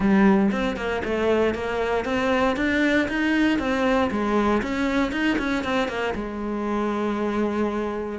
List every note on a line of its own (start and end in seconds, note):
0.00 0.51 G3
0.51 0.76 C4
0.76 1.02 A#3
1.04 1.54 A3
1.54 2.05 A#3
2.05 2.56 C4
2.56 3.07 D4
3.08 3.59 D#4
3.59 4.10 C4
4.10 4.62 G#3
4.62 5.12 C#4
5.12 5.37 D#4
5.38 5.63 C#4
5.63 5.88 C4
5.88 6.14 A#3
6.14 8.19 G#3